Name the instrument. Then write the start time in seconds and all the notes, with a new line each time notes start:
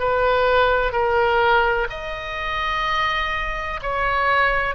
oboe
0.00 B4
0.93 A#4
1.90 D#5
3.83 C#5